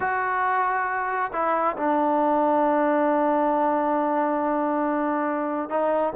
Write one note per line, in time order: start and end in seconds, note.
0.00 1.31 F#4
1.32 1.76 E4
1.76 5.69 D4
5.69 6.13 D#4